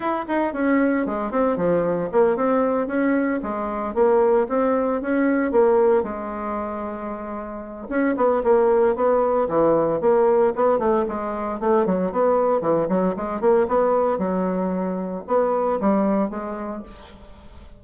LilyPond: \new Staff \with { instrumentName = "bassoon" } { \time 4/4 \tempo 4 = 114 e'8 dis'8 cis'4 gis8 c'8 f4 | ais8 c'4 cis'4 gis4 ais8~ | ais8 c'4 cis'4 ais4 gis8~ | gis2. cis'8 b8 |
ais4 b4 e4 ais4 | b8 a8 gis4 a8 fis8 b4 | e8 fis8 gis8 ais8 b4 fis4~ | fis4 b4 g4 gis4 | }